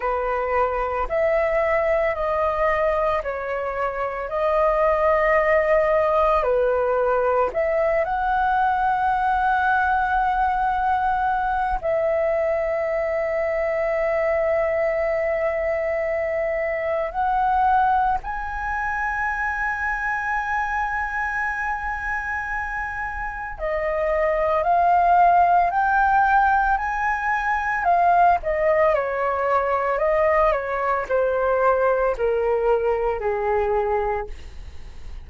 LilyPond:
\new Staff \with { instrumentName = "flute" } { \time 4/4 \tempo 4 = 56 b'4 e''4 dis''4 cis''4 | dis''2 b'4 e''8 fis''8~ | fis''2. e''4~ | e''1 |
fis''4 gis''2.~ | gis''2 dis''4 f''4 | g''4 gis''4 f''8 dis''8 cis''4 | dis''8 cis''8 c''4 ais'4 gis'4 | }